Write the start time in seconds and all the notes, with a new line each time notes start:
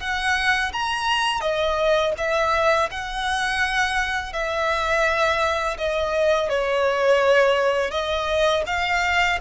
0.00 F#5
0.73 A#5
1.41 D#5
2.18 E5
2.91 F#5
4.33 E5
5.78 D#5
6.49 C#5
7.91 D#5
8.67 F5